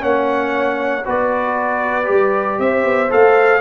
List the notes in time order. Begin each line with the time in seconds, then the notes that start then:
0.00 A#3 C#4 C#5 F#5
1.06 B3 F#4 B4 D5
2.04 G3 G4
2.59 C4 C5 E5
2.85 B3
3.10 A3 A4 F5